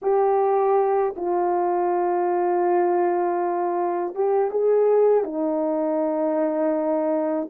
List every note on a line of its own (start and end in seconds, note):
0.02 1.14 G4
1.16 4.15 F4
4.15 4.50 G4
4.50 5.24 G#4
5.24 7.49 D#4